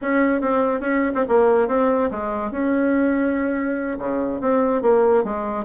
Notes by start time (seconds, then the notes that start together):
0.01 C#4
0.41 C4
0.80 C#4
1.14 C4
1.28 A#3
1.68 C4
2.10 G#3
2.51 C#4
3.98 C#3
4.41 C4
4.81 A#3
5.23 G#3